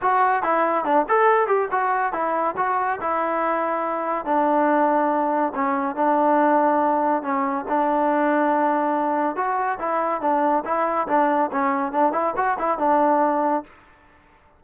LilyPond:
\new Staff \with { instrumentName = "trombone" } { \time 4/4 \tempo 4 = 141 fis'4 e'4 d'8 a'4 g'8 | fis'4 e'4 fis'4 e'4~ | e'2 d'2~ | d'4 cis'4 d'2~ |
d'4 cis'4 d'2~ | d'2 fis'4 e'4 | d'4 e'4 d'4 cis'4 | d'8 e'8 fis'8 e'8 d'2 | }